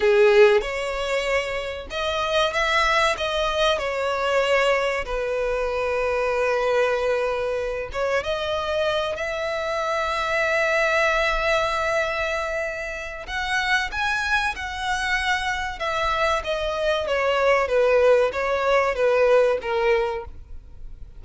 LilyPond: \new Staff \with { instrumentName = "violin" } { \time 4/4 \tempo 4 = 95 gis'4 cis''2 dis''4 | e''4 dis''4 cis''2 | b'1~ | b'8 cis''8 dis''4. e''4.~ |
e''1~ | e''4 fis''4 gis''4 fis''4~ | fis''4 e''4 dis''4 cis''4 | b'4 cis''4 b'4 ais'4 | }